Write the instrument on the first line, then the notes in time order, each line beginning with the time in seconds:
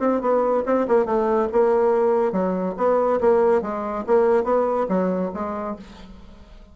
bassoon
0.00 C4
0.22 B3
0.66 C4
0.88 A#3
1.06 A3
1.53 A#3
2.32 F#3
2.78 B3
3.21 A#3
3.62 G#3
4.07 A#3
4.44 B3
4.89 F#3
5.34 G#3